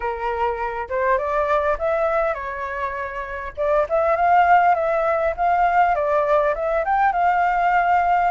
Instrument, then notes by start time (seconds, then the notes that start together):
flute
0.00 A#4
0.89 C5
1.17 D5
1.78 E5
2.33 C#5
3.56 D5
3.89 E5
4.16 F5
4.74 E5
5.36 F5
5.95 D5
6.54 E5
6.85 G5
7.12 F5